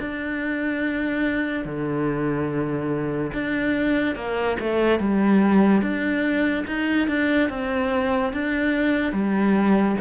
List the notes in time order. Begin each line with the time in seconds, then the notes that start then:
0.00 D4
1.65 D3
3.34 D4
4.16 A#3
4.60 A3
5.00 G3
5.82 D4
6.67 D#4
7.08 D4
7.50 C4
8.33 D4
9.12 G3